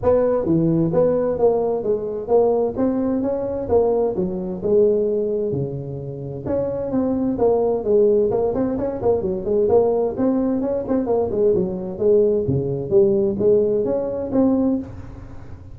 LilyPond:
\new Staff \with { instrumentName = "tuba" } { \time 4/4 \tempo 4 = 130 b4 e4 b4 ais4 | gis4 ais4 c'4 cis'4 | ais4 fis4 gis2 | cis2 cis'4 c'4 |
ais4 gis4 ais8 c'8 cis'8 ais8 | fis8 gis8 ais4 c'4 cis'8 c'8 | ais8 gis8 fis4 gis4 cis4 | g4 gis4 cis'4 c'4 | }